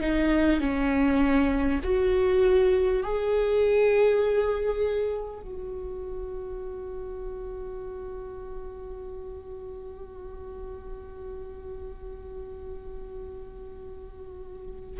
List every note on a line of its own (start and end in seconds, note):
0.00 0.60 D#4
0.60 1.80 C#4
1.83 3.03 F#4
3.03 5.41 G#4
5.41 15.00 F#4